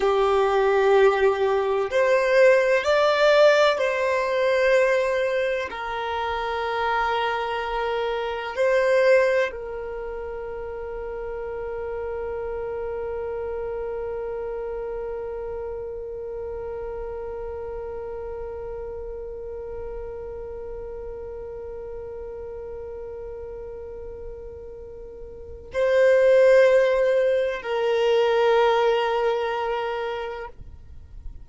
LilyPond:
\new Staff \with { instrumentName = "violin" } { \time 4/4 \tempo 4 = 63 g'2 c''4 d''4 | c''2 ais'2~ | ais'4 c''4 ais'2~ | ais'1~ |
ais'1~ | ais'1~ | ais'2. c''4~ | c''4 ais'2. | }